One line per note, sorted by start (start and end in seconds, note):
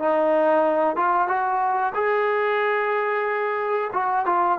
0.00 0.97 D#4
0.97 1.28 F4
1.28 1.93 F#4
1.95 3.91 G#4
3.94 4.26 F#4
4.26 4.59 F4